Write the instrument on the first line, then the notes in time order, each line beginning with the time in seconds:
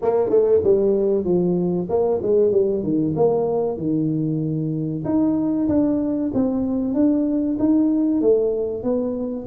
tuba
0.01 A#3
0.29 A3
0.63 G3
1.24 F3
1.89 A#3
2.22 G#3
2.51 G3
2.83 D#3
3.16 A#3
3.77 D#3
5.04 D#4
5.68 D4
6.34 C4
6.94 D4
7.59 D#4
8.21 A3
8.83 B3